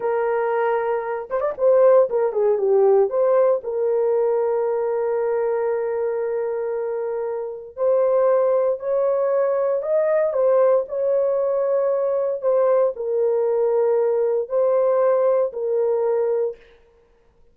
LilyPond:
\new Staff \with { instrumentName = "horn" } { \time 4/4 \tempo 4 = 116 ais'2~ ais'8 c''16 d''16 c''4 | ais'8 gis'8 g'4 c''4 ais'4~ | ais'1~ | ais'2. c''4~ |
c''4 cis''2 dis''4 | c''4 cis''2. | c''4 ais'2. | c''2 ais'2 | }